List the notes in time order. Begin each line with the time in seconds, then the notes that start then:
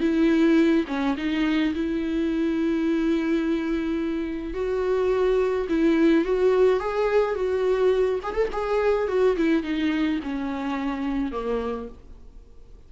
0.00 E4
0.87 C#4
1.17 D#4
1.74 E4
4.53 F#4
5.69 E4
6.24 F#4
6.80 G#4
7.35 F#4
8.23 G#4
8.34 A4
8.52 G#4
9.07 F#4
9.36 E4
9.63 D#4
10.23 C#4
11.32 A#3